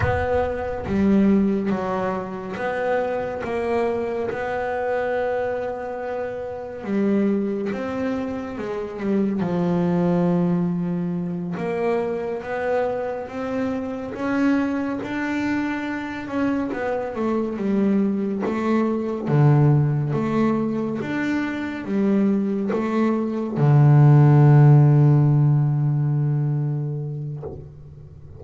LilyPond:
\new Staff \with { instrumentName = "double bass" } { \time 4/4 \tempo 4 = 70 b4 g4 fis4 b4 | ais4 b2. | g4 c'4 gis8 g8 f4~ | f4. ais4 b4 c'8~ |
c'8 cis'4 d'4. cis'8 b8 | a8 g4 a4 d4 a8~ | a8 d'4 g4 a4 d8~ | d1 | }